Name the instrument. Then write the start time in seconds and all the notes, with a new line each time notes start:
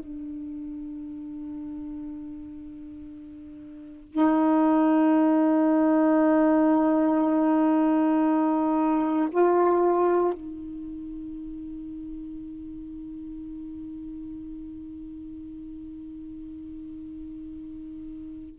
saxophone
0.00 D4
4.12 D#4
9.32 F4
10.34 D#4